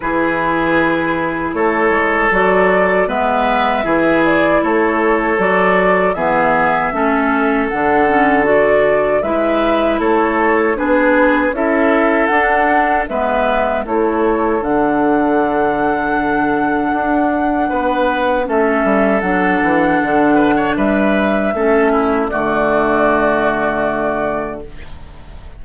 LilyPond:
<<
  \new Staff \with { instrumentName = "flute" } { \time 4/4 \tempo 4 = 78 b'2 cis''4 d''4 | e''4. d''8 cis''4 d''4 | e''2 fis''4 d''4 | e''4 cis''4 b'4 e''4 |
fis''4 e''4 cis''4 fis''4~ | fis''1 | e''4 fis''2 e''4~ | e''4 d''2. | }
  \new Staff \with { instrumentName = "oboe" } { \time 4/4 gis'2 a'2 | b'4 gis'4 a'2 | gis'4 a'2. | b'4 a'4 gis'4 a'4~ |
a'4 b'4 a'2~ | a'2. b'4 | a'2~ a'8 b'16 cis''16 b'4 | a'8 e'8 fis'2. | }
  \new Staff \with { instrumentName = "clarinet" } { \time 4/4 e'2. fis'4 | b4 e'2 fis'4 | b4 cis'4 d'8 cis'8 fis'4 | e'2 d'4 e'4 |
d'4 b4 e'4 d'4~ | d'1 | cis'4 d'2. | cis'4 a2. | }
  \new Staff \with { instrumentName = "bassoon" } { \time 4/4 e2 a8 gis8 fis4 | gis4 e4 a4 fis4 | e4 a4 d2 | gis4 a4 b4 cis'4 |
d'4 gis4 a4 d4~ | d2 d'4 b4 | a8 g8 fis8 e8 d4 g4 | a4 d2. | }
>>